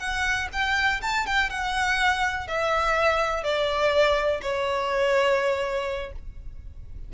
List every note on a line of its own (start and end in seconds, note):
0.00 0.49 F#5
0.53 1.02 G5
1.02 1.27 A5
1.27 1.51 G5
1.51 2.48 F#5
2.48 3.44 E5
3.44 4.41 D5
4.42 6.13 C#5